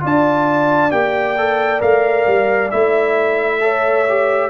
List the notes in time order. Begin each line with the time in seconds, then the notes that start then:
0.00 D4 F4 D5 A5
0.91 A#3 G4 G5
1.37 A4
1.79 A3 A#4 F5
2.26 G3
2.71 A3 E4 E5
3.60 A4 C#5
4.08 G4